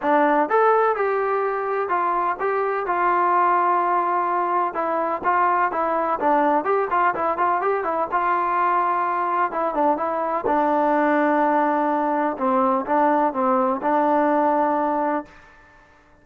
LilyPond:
\new Staff \with { instrumentName = "trombone" } { \time 4/4 \tempo 4 = 126 d'4 a'4 g'2 | f'4 g'4 f'2~ | f'2 e'4 f'4 | e'4 d'4 g'8 f'8 e'8 f'8 |
g'8 e'8 f'2. | e'8 d'8 e'4 d'2~ | d'2 c'4 d'4 | c'4 d'2. | }